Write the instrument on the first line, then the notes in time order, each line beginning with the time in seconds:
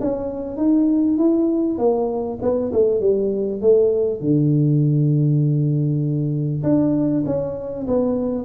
tuba
0.00 C#4
0.56 D#4
1.17 E4
1.78 A#3
2.42 B3
2.72 A3
3.00 G3
3.61 A3
4.20 D3
6.63 D4
7.26 C#4
7.87 B3